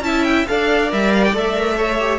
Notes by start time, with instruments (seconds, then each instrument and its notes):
0.00 cello C#4, viola E4, violin E5 A5
0.24 violin G5
0.47 cello D4, viola A4, violin D5 F5
0.89 cello G3, viola A#4, violin E5
1.13 violin F5
1.24 violin G5
1.34 cello A3, viola A4, violin E5
1.54 viola A#4
1.76 viola A4, violin C#5
1.99 viola G4